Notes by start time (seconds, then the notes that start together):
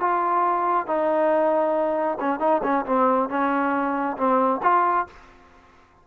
0.00 F4
0.87 D#4
2.20 C#4
2.40 D#4
2.63 C#4
2.86 C4
3.29 C#4
4.17 C4
4.63 F4